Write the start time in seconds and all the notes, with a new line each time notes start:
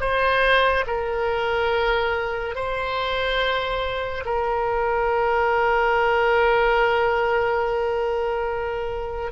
0.00 C5
0.86 A#4
2.55 C5
4.25 A#4